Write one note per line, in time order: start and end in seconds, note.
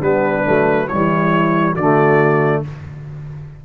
0.00 0.45 G3
0.00 0.45 B3
0.00 0.87 D4
0.00 0.88 B4
0.45 0.92 F#3
0.45 0.88 A3
0.88 1.77 E3
0.88 1.78 G3
0.88 1.73 E4
0.88 1.75 C#5
1.73 2.64 D3
1.73 2.65 A3
1.73 2.60 F#4
1.73 2.63 D5